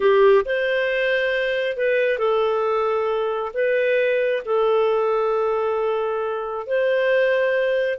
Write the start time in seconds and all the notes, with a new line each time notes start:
0.00 G4
0.45 C5
1.76 B4
2.18 A4
3.53 B4
4.45 A4
6.66 C5